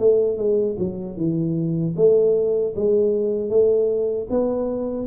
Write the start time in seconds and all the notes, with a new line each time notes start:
0.00 A3
0.38 G#3
0.79 F#3
1.17 E3
1.97 A3
2.76 G#3
3.50 A3
4.30 B3